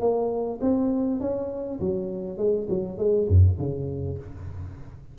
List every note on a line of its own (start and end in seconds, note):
0.00 0.59 A#3
0.61 1.20 C4
1.20 1.80 C#4
1.80 2.37 F#3
2.37 2.67 G#3
2.69 2.98 F#3
2.98 3.28 G#3
3.28 3.58 F#2
3.59 4.18 C#3